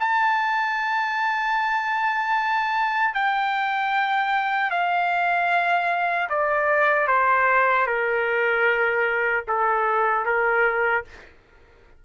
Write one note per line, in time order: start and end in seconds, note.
0.00 3.14 A5
3.14 4.71 G5
4.71 6.29 F5
6.29 7.08 D5
7.08 7.87 C5
7.87 9.44 A#4
9.48 10.26 A4
10.26 11.05 A#4